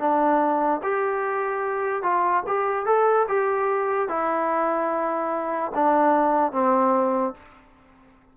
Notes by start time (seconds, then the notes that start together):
0.00 D4
0.83 G4
2.03 F4
2.47 G4
2.86 A4
3.29 G4
4.09 E4
5.75 D4
6.53 C4